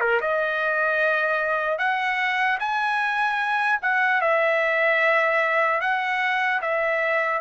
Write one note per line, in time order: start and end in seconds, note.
0.00 0.20 A#4
0.20 1.78 D#5
1.78 2.58 F#5
2.59 3.79 G#5
3.82 4.21 F#5
4.21 5.80 E5
5.80 6.60 F#5
6.61 7.41 E5